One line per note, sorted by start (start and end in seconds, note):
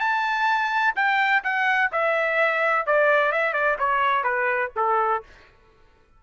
0.00 0.94 A5
0.96 1.43 G5
1.44 1.91 F#5
1.92 2.86 E5
2.87 3.32 D5
3.32 3.53 E5
3.53 3.77 D5
3.79 4.24 C#5
4.24 4.71 B4
4.76 5.23 A4